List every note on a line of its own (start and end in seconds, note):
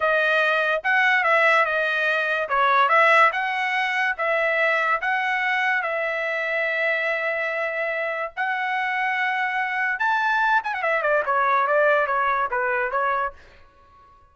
0.00 0.82 D#5
0.83 1.23 F#5
1.23 1.65 E5
1.65 2.48 D#5
2.48 2.89 C#5
2.89 3.30 E5
3.32 4.15 F#5
4.17 5.00 E5
5.01 5.82 F#5
5.82 8.32 E5
8.36 9.99 F#5
9.99 10.61 A5
10.63 10.73 G#5
10.74 10.82 F#5
10.82 11.02 E5
11.02 11.23 D5
11.25 11.67 C#5
11.67 12.06 D5
12.06 12.48 C#5
12.50 12.91 B4
12.91 13.32 C#5